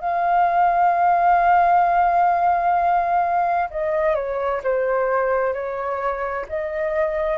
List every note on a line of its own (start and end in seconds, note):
0.00 3.69 F5
3.70 4.15 D#5
4.15 4.61 C#5
4.63 5.53 C5
5.53 6.45 C#5
6.49 7.38 D#5